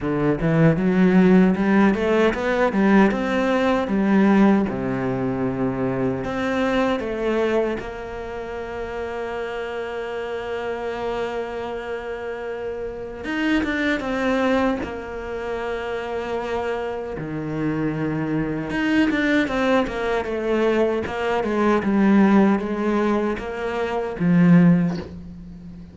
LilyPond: \new Staff \with { instrumentName = "cello" } { \time 4/4 \tempo 4 = 77 d8 e8 fis4 g8 a8 b8 g8 | c'4 g4 c2 | c'4 a4 ais2~ | ais1~ |
ais4 dis'8 d'8 c'4 ais4~ | ais2 dis2 | dis'8 d'8 c'8 ais8 a4 ais8 gis8 | g4 gis4 ais4 f4 | }